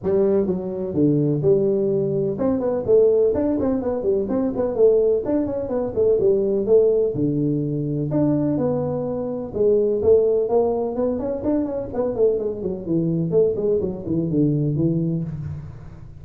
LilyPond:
\new Staff \with { instrumentName = "tuba" } { \time 4/4 \tempo 4 = 126 g4 fis4 d4 g4~ | g4 c'8 b8 a4 d'8 c'8 | b8 g8 c'8 b8 a4 d'8 cis'8 | b8 a8 g4 a4 d4~ |
d4 d'4 b2 | gis4 a4 ais4 b8 cis'8 | d'8 cis'8 b8 a8 gis8 fis8 e4 | a8 gis8 fis8 e8 d4 e4 | }